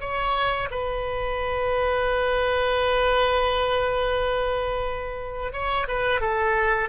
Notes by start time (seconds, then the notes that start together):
0.00 C#5
0.70 B4
5.52 C#5
5.87 B4
6.20 A4